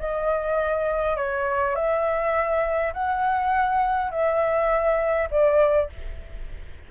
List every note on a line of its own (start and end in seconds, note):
0.00 1.17 D#5
1.17 1.76 C#5
1.76 2.94 E5
2.94 4.11 F#5
4.11 5.29 E5
5.31 5.90 D5